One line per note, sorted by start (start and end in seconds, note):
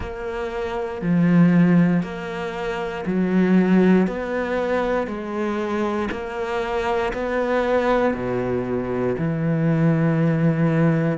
0.00 1.01 A#3
1.01 2.02 F3
2.02 3.04 A#3
3.06 4.07 F#3
4.07 5.07 B3
5.07 6.08 G#3
6.11 7.12 A#3
7.13 8.14 B3
8.14 9.15 B2
9.18 11.18 E3